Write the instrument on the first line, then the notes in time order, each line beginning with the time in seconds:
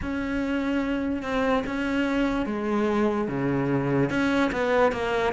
cello
0.02 C#4
1.22 C4
1.66 C#4
2.45 G#3
3.28 C#3
4.09 C#4
4.51 B3
4.92 A#3